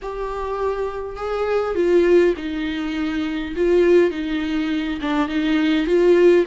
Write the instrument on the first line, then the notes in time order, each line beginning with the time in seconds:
viola
0.02 G4
1.16 G#4
1.75 F4
2.36 D#4
3.56 F4
4.10 D#4
5.01 D4
5.28 D#4
5.86 F4